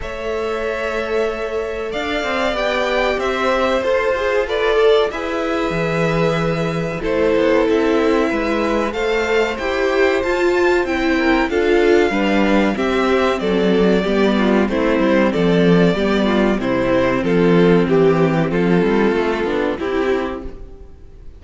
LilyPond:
<<
  \new Staff \with { instrumentName = "violin" } { \time 4/4 \tempo 4 = 94 e''2. f''4 | g''4 e''4 c''4 d''4 | e''2. c''4 | e''2 f''4 g''4 |
a''4 g''4 f''2 | e''4 d''2 c''4 | d''2 c''4 a'4 | g'4 a'2 g'4 | }
  \new Staff \with { instrumentName = "violin" } { \time 4/4 cis''2. d''4~ | d''4 c''2 b'8 a'8 | b'2. a'4~ | a'4 b'4 c''2~ |
c''4. ais'8 a'4 b'4 | g'4 a'4 g'8 f'8 e'4 | a'4 g'8 f'8 e'4 f'4 | g'4 f'2 e'4 | }
  \new Staff \with { instrumentName = "viola" } { \time 4/4 a'1 | g'2 a'8 gis'8 a'4 | gis'2. e'4~ | e'2 a'4 g'4 |
f'4 e'4 f'4 d'4 | c'2 b4 c'4~ | c'4 b4 c'2~ | c'2~ c'8 d'8 e'4 | }
  \new Staff \with { instrumentName = "cello" } { \time 4/4 a2. d'8 c'8 | b4 c'4 f'2 | e'4 e2 a8 b8 | c'4 gis4 a4 e'4 |
f'4 c'4 d'4 g4 | c'4 fis4 g4 a8 g8 | f4 g4 c4 f4 | e4 f8 g8 a8 b8 c'4 | }
>>